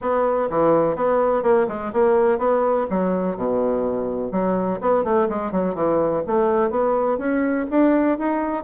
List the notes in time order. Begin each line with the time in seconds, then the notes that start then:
0.01 B3
0.50 E3
0.95 B3
1.42 A#3
1.68 G#3
1.92 A#3
2.38 B3
2.90 F#3
3.36 B2
4.31 F#3
4.80 B3
5.04 A3
5.29 G#3
5.51 F#3
5.74 E3
6.26 A3
6.70 B3
7.18 C#4
7.70 D4
8.18 D#4